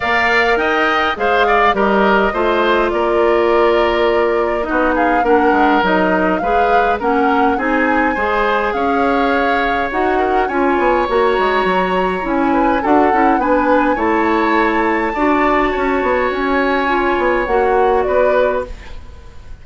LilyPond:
<<
  \new Staff \with { instrumentName = "flute" } { \time 4/4 \tempo 4 = 103 f''4 g''4 f''4 dis''4~ | dis''4 d''2. | dis''8 f''8 fis''4 dis''4 f''4 | fis''4 gis''2 f''4~ |
f''4 fis''4 gis''4 ais''4~ | ais''4 gis''4 fis''4 gis''4 | a''1 | gis''2 fis''4 d''4 | }
  \new Staff \with { instrumentName = "oboe" } { \time 4/4 d''4 dis''4 c''8 d''8 ais'4 | c''4 ais'2. | fis'8 gis'8 ais'2 b'4 | ais'4 gis'4 c''4 cis''4~ |
cis''4. ais'8 cis''2~ | cis''4. b'8 a'4 b'4 | cis''2 d''4 cis''4~ | cis''2. b'4 | }
  \new Staff \with { instrumentName = "clarinet" } { \time 4/4 ais'2 gis'4 g'4 | f'1 | dis'4 d'4 dis'4 gis'4 | cis'4 dis'4 gis'2~ |
gis'4 fis'4 f'4 fis'4~ | fis'4 e'4 fis'8 e'8 d'4 | e'2 fis'2~ | fis'4 f'4 fis'2 | }
  \new Staff \with { instrumentName = "bassoon" } { \time 4/4 ais4 dis'4 gis4 g4 | a4 ais2. | b4 ais8 gis8 fis4 gis4 | ais4 c'4 gis4 cis'4~ |
cis'4 dis'4 cis'8 b8 ais8 gis8 | fis4 cis'4 d'8 cis'8 b4 | a2 d'4 cis'8 b8 | cis'4. b8 ais4 b4 | }
>>